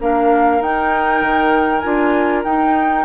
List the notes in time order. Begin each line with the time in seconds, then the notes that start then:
0.00 A#3 D4 A#4 F5
0.60 D#4 G5
1.21 D#3
1.79 D4 F4 G#5
2.44 D#4 G5